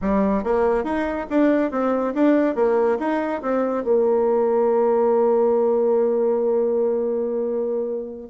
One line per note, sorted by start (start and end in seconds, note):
0.01 0.43 G3
0.43 0.84 A#3
0.84 1.26 D#4
1.30 1.71 D4
1.71 2.13 C4
2.14 2.55 D4
2.55 2.97 A#3
2.99 3.41 D#4
3.42 3.84 C4
3.84 8.29 A#3